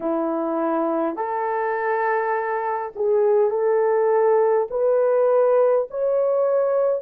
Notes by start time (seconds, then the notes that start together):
0.00 E4
1.16 A4
2.95 G#4
3.50 A4
4.70 B4
5.90 C#5